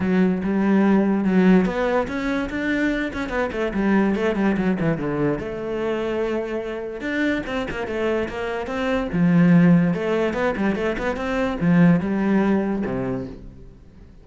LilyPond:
\new Staff \with { instrumentName = "cello" } { \time 4/4 \tempo 4 = 145 fis4 g2 fis4 | b4 cis'4 d'4. cis'8 | b8 a8 g4 a8 g8 fis8 e8 | d4 a2.~ |
a4 d'4 c'8 ais8 a4 | ais4 c'4 f2 | a4 b8 g8 a8 b8 c'4 | f4 g2 c4 | }